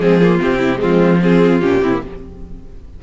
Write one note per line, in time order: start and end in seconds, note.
0.00 0.40 F3
0.00 0.21 G#3
0.00 0.21 C4
0.00 0.40 G#4
0.21 0.39 A#3
0.21 0.59 F4
0.39 0.83 C3
0.39 0.77 C4
0.39 0.81 G4
0.59 0.79 E4
0.77 1.17 G#3
0.77 1.21 C4
0.77 1.23 F4
0.83 1.63 F3
1.23 1.62 C4
1.23 1.83 F4
1.23 1.61 G#4
1.61 1.81 A#2
1.61 1.82 C#4
1.61 2.01 G4
1.81 2.01 C3
1.81 1.92 C4
1.81 2.03 E4
1.92 2.02 A#3